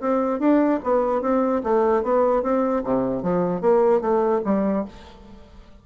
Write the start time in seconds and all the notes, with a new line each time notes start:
0.00 C4
0.39 D4
0.83 B3
1.21 C4
1.63 A3
2.03 B3
2.43 C4
2.84 C3
3.23 F3
3.61 A#3
4.01 A3
4.44 G3